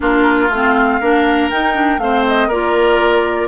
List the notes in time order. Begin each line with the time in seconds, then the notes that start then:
0.00 A#3 D4 F4 A#4
0.49 A3 C4 F5
1.00 A#3 D4 A#4
1.50 D#4 G5
1.73 D4
1.98 A3 C4 C5 F5
2.27 D#5
2.47 A#3 F4 A#4 D5